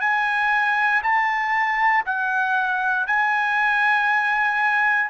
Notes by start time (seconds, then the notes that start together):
0.00 G#5
1.03 A5
2.05 F#5
3.06 G#5